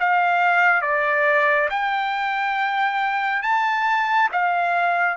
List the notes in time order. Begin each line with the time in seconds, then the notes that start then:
0.00 F5
0.82 D5
1.70 G5
3.43 A5
4.32 F5